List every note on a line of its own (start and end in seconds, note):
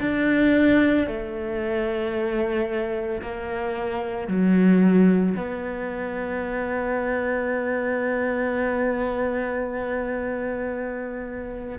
0.00 1.07 D4
1.07 3.21 A3
3.21 4.28 A#3
4.28 5.35 F#3
5.36 11.79 B3